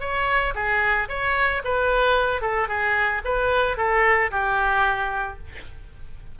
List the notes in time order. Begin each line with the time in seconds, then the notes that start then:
0.00 C#5
0.55 G#4
1.08 C#5
1.64 B4
2.41 A4
2.68 G#4
3.25 B4
3.77 A4
4.31 G4